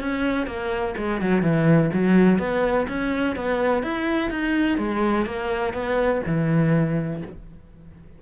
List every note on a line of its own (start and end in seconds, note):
0.00 0.46 C#4
0.46 0.94 A#3
0.97 1.21 G#3
1.21 1.42 F#3
1.42 1.90 E3
1.93 2.39 F#3
2.39 2.87 B3
2.88 3.36 C#4
3.36 3.83 B3
3.83 4.30 E4
4.30 4.78 D#4
4.78 5.26 G#3
5.26 5.73 A#3
5.73 6.21 B3
6.26 7.22 E3